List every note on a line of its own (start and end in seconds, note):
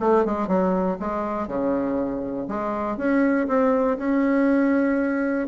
0.00 0.25 A3
0.25 0.48 G#3
0.48 0.98 F#3
1.00 1.47 G#3
1.47 2.48 C#3
2.48 2.97 G#3
2.97 3.47 C#4
3.47 3.97 C4
3.98 5.48 C#4